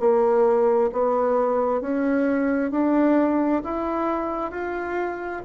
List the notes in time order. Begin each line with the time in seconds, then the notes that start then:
0.00 A#3
0.92 B3
1.81 C#4
2.71 D4
3.64 E4
4.51 F4